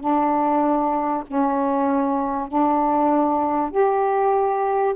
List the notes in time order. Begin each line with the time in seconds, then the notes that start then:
0.00 D4
1.27 C#4
2.48 D4
3.71 G4